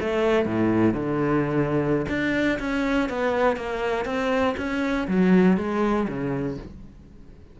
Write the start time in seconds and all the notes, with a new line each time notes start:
0.00 A3
0.46 A2
0.94 D3
2.09 D4
2.60 C#4
3.10 B3
3.57 A#3
4.05 C4
4.58 C#4
5.08 F#3
5.57 G#3
6.08 C#3